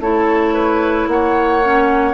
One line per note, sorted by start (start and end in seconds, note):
0.00 1.07 A3
0.00 1.62 E4
0.00 0.54 A4
0.00 1.08 C#5
0.54 1.07 B4
1.07 2.14 A#3
1.07 2.14 C#5
1.07 2.14 F#5
1.63 2.14 C#4